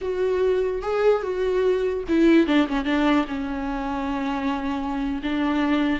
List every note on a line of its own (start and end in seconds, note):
0.01 0.82 F#4
0.82 1.22 G#4
1.22 2.04 F#4
2.08 2.46 E4
2.46 2.67 D4
2.67 2.84 C#4
2.84 3.25 D4
3.27 5.21 C#4
5.22 5.99 D4